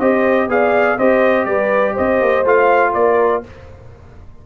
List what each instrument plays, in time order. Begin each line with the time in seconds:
0.00 tuba C4, trombone G4, horn C5, trumpet D#5
0.48 tuba B3, trombone G#4, horn D5, trumpet F5
0.98 tuba C4, trombone G4, horn C5, trumpet D#5
1.46 tuba G3, horn B4, trumpet D5
1.94 tuba C4, horn C5, trumpet D#5
2.22 tuba A#3
2.45 tuba A3, trombone F4, trumpet F5
2.94 tuba A#3, horn A#4, trumpet D5